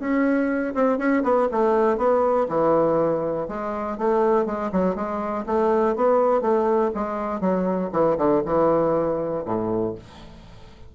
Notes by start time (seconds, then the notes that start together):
0.00 C#4
0.75 C4
0.98 C#4
1.24 B3
1.52 A3
1.98 B3
2.49 E3
3.48 G#3
3.98 A3
4.46 G#3
4.72 F#3
4.96 G#3
5.46 A3
5.96 B3
6.42 A3
6.95 G#3
7.41 F#3
7.93 E3
8.18 D3
8.45 E3
9.46 A2